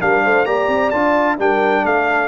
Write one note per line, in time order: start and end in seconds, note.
0.00 0.25 G3
0.00 0.46 D4
0.00 0.23 A#4
0.00 0.46 F5
0.25 0.46 A3
0.25 0.47 C5
0.46 0.68 A#3
0.46 0.92 G4
0.46 1.39 D5
0.46 0.90 A#5
0.68 0.91 C4
0.90 1.39 D4
0.90 1.38 F4
0.90 1.36 A5
1.38 1.84 G3
1.38 2.28 D4
1.38 1.83 A#4
1.38 1.85 G5
1.83 2.28 A3
1.83 2.28 A4
1.83 2.28 F5